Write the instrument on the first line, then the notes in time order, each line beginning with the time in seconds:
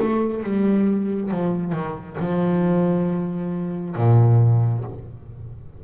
double bass
0.00 A3
0.44 G3
1.31 F3
1.73 D#3
2.20 F3
3.96 A#2